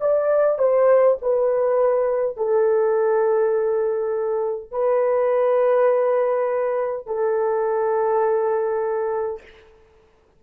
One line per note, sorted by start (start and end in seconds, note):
0.00 0.58 D5
0.58 1.17 C5
1.21 2.37 B4
2.37 4.71 A4
4.71 7.06 B4
7.06 9.42 A4